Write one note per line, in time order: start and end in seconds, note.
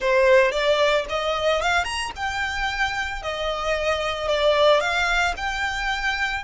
0.00 0.51 C5
0.51 1.05 D5
1.09 1.61 D#5
1.61 1.84 F5
1.84 2.11 A#5
2.16 3.22 G5
3.22 4.27 D#5
4.27 4.80 D5
4.80 5.34 F5
5.36 6.43 G5